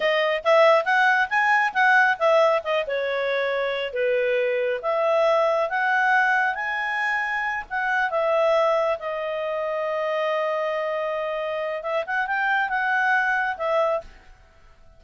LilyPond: \new Staff \with { instrumentName = "clarinet" } { \time 4/4 \tempo 4 = 137 dis''4 e''4 fis''4 gis''4 | fis''4 e''4 dis''8 cis''4.~ | cis''4 b'2 e''4~ | e''4 fis''2 gis''4~ |
gis''4. fis''4 e''4.~ | e''8 dis''2.~ dis''8~ | dis''2. e''8 fis''8 | g''4 fis''2 e''4 | }